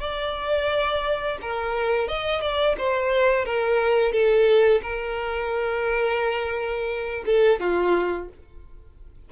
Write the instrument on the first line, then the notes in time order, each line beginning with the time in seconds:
violin
0.00 D5
1.41 A#4
2.08 D#5
2.41 D5
2.78 C5
3.45 A#4
4.12 A4
4.82 A#4
7.25 A4
7.60 F4